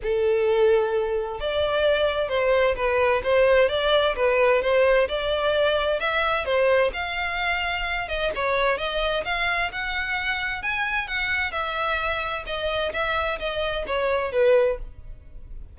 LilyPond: \new Staff \with { instrumentName = "violin" } { \time 4/4 \tempo 4 = 130 a'2. d''4~ | d''4 c''4 b'4 c''4 | d''4 b'4 c''4 d''4~ | d''4 e''4 c''4 f''4~ |
f''4. dis''8 cis''4 dis''4 | f''4 fis''2 gis''4 | fis''4 e''2 dis''4 | e''4 dis''4 cis''4 b'4 | }